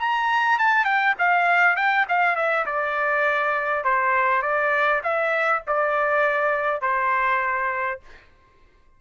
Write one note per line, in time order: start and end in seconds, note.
0.00 0.59 A#5
0.59 0.85 A5
0.85 1.15 G5
1.19 1.77 F5
1.77 2.06 G5
2.09 2.36 F5
2.36 2.66 E5
2.66 3.85 D5
3.85 4.43 C5
4.43 5.02 D5
5.04 5.63 E5
5.68 6.82 D5
6.82 8.01 C5